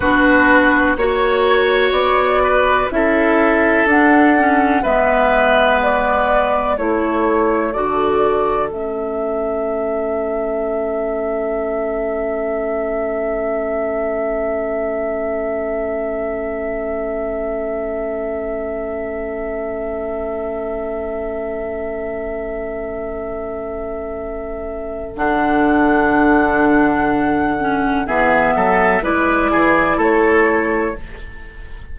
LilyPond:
<<
  \new Staff \with { instrumentName = "flute" } { \time 4/4 \tempo 4 = 62 b'4 cis''4 d''4 e''4 | fis''4 e''4 d''4 cis''4 | d''4 e''2.~ | e''1~ |
e''1~ | e''1~ | e''2 fis''2~ | fis''4 e''4 d''4 cis''4 | }
  \new Staff \with { instrumentName = "oboe" } { \time 4/4 fis'4 cis''4. b'8 a'4~ | a'4 b'2 a'4~ | a'1~ | a'1~ |
a'1~ | a'1~ | a'1~ | a'4 gis'8 a'8 b'8 gis'8 a'4 | }
  \new Staff \with { instrumentName = "clarinet" } { \time 4/4 d'4 fis'2 e'4 | d'8 cis'8 b2 e'4 | fis'4 cis'2.~ | cis'1~ |
cis'1~ | cis'1~ | cis'2 d'2~ | d'8 cis'8 b4 e'2 | }
  \new Staff \with { instrumentName = "bassoon" } { \time 4/4 b4 ais4 b4 cis'4 | d'4 gis2 a4 | d4 a2.~ | a1~ |
a1~ | a1~ | a2 d2~ | d4 e8 fis8 gis8 e8 a4 | }
>>